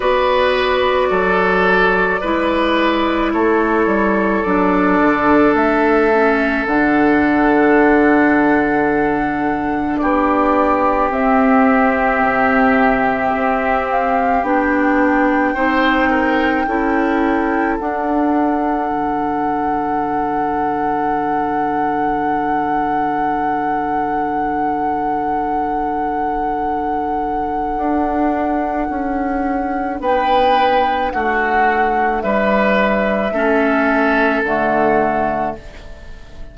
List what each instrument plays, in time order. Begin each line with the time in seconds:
0.00 bassoon B3, clarinet F#4, oboe B4, flute D5
1.10 bassoon F#3, oboe A4
2.20 bassoon G#3, clarinet E4, oboe B4
3.33 bassoon A3, oboe A4, flute C#5
3.86 bassoon G3
4.42 bassoon F#3, clarinet D4, flute D5
5.01 bassoon D3
5.53 bassoon A3, flute E5
6.12 clarinet C#4
6.66 bassoon D3, clarinet D4, flute F#5
9.97 bassoon B3, oboe G4, flute D5
11.10 bassoon C4, clarinet C4, flute E5
12.21 bassoon C3
13.35 bassoon C4
13.91 flute F5
14.43 bassoon B3, clarinet D4, flute G5
15.53 bassoon C4, clarinet D#4, oboe C5
16.09 oboe A#4
16.66 bassoon C#4, clarinet E4, oboe A4
17.78 bassoon D4, clarinet D4, flute F#5
18.90 bassoon D3
27.76 bassoon D4
28.89 bassoon C#4
30.00 bassoon B3, oboe B4, flute G5
31.10 bassoon A3, oboe F#4, flute F#5
32.21 bassoon G3, oboe B4, flute E5
33.31 bassoon A3, clarinet C#4, oboe A4
34.43 bassoon D3, clarinet A3, flute F#5